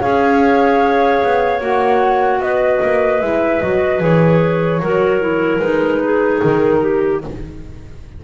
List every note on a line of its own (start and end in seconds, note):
0.00 1.22 C#4
0.00 1.60 G#4
0.00 2.40 C#5
0.00 1.61 F5
1.23 1.61 B3
1.60 2.39 A#3
1.60 3.20 F#4
1.60 2.42 F#5
2.39 2.79 B3
2.39 4.82 B4
2.39 3.21 D#5
2.83 3.22 A#3
3.21 3.62 G#3
3.21 3.62 E4
3.21 3.61 E5
3.61 4.00 F#3
3.61 4.00 F#4
3.61 4.01 D#5
4.00 4.80 E3
4.00 4.80 G#4
4.00 5.59 C#5
4.80 5.59 F#3
4.80 5.21 F#4
4.80 6.02 A#4
5.21 5.61 E4
5.59 6.39 G#3
5.59 7.22 D#4
5.59 6.39 B4
6.04 6.81 G#4
6.42 7.24 D#3
6.42 7.22 A#4
6.81 7.21 G4